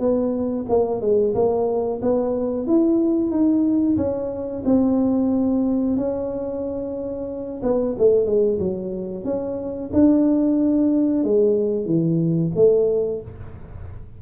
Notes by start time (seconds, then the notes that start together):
0.00 B3
0.70 A#3
1.02 G#3
1.35 A#3
2.02 B3
2.67 E4
3.31 D#4
3.97 C#4
4.65 C4
5.97 C#4
7.63 B3
7.99 A3
8.26 G#3
8.60 F#3
9.25 C#4
9.94 D4
11.24 G#3
11.86 E3
12.56 A3